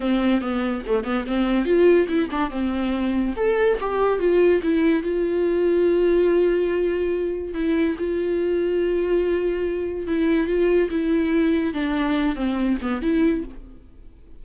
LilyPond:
\new Staff \with { instrumentName = "viola" } { \time 4/4 \tempo 4 = 143 c'4 b4 a8 b8 c'4 | f'4 e'8 d'8 c'2 | a'4 g'4 f'4 e'4 | f'1~ |
f'2 e'4 f'4~ | f'1 | e'4 f'4 e'2 | d'4. c'4 b8 e'4 | }